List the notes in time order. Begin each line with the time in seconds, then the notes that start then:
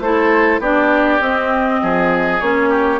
0.00 A3 E4 A4 C5
0.59 B3 D4 G4 D5
1.21 C4 D#5
1.82 F3 G#4
2.40 A#3 C#4 C#5
2.69 G4